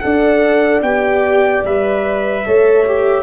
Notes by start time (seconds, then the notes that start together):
0.00 D4 A4 D5 F#5
0.82 B3 G4 G5
1.64 G3 B4 E5
2.45 A3 A4 C#5
2.86 G4